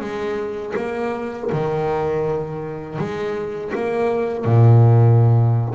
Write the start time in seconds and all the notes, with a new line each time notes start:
0.00 G#3
0.76 A#3
1.52 D#3
2.98 G#3
3.75 A#3
4.45 A#2